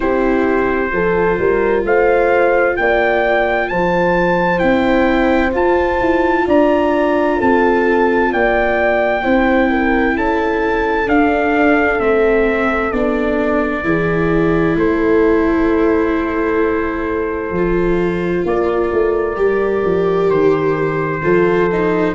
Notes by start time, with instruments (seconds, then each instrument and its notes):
0.00 tuba C4, viola E4, horn G4, trumpet C5
0.90 tuba F3, viola F4, horn A4
1.38 tuba G3, horn A#4
1.84 tuba A3, horn C5, trumpet F5
2.76 tuba A#3, horn D5, trumpet G5
3.68 tuba F3, horn C5, trumpet A5
4.58 tuba C4, viola E4, trumpet G5
5.52 viola F4, tuba F4, trumpet A5
6.00 tuba E4
6.46 tuba D4, horn D5, trumpet A#5
7.37 tuba C4, horn A4, trumpet A5
8.32 tuba A#3, horn D5, trumpet G5
9.22 tuba C4, viola E4, horn C5
9.69 horn A#4
10.15 tuba C#4, horn A4, trumpet A5
11.06 viola D4, tuba D4, trumpet F5
11.99 tuba A3, viola C4, trumpet E5
12.91 tuba B3, viola D4, trumpet D5
13.83 tuba E3, viola E4, horn G#4
14.75 tuba A3, horn A4, trumpet C5
17.50 tuba F3, viola F4
18.44 tuba A#3, horn A#4, trumpet D5
18.92 tuba A3
19.36 tuba G3, viola G4
19.85 tuba F3
20.29 tuba D#3, trumpet C5
21.22 tuba F3, viola F4, horn A4
21.72 viola D#4